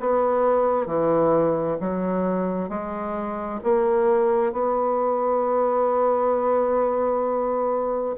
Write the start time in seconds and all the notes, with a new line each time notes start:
0.00 B3
0.86 E3
1.81 F#3
2.69 G#3
3.64 A#3
4.52 B3